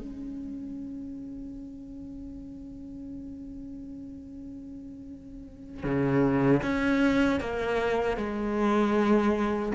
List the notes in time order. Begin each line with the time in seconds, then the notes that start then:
0.00 C#4
5.84 C#3
6.63 C#4
7.41 A#3
8.17 G#3